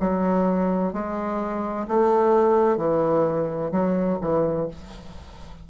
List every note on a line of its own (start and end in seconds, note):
0.00 0.93 F#3
0.93 1.87 G#3
1.88 2.77 A3
2.77 3.71 E3
3.72 4.18 F#3
4.21 4.68 E3